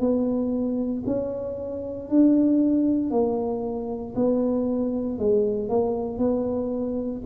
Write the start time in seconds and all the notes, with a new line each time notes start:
0.00 B3
1.06 C#4
2.09 D4
3.11 A#3
4.16 B3
5.19 G#3
5.69 A#3
6.18 B3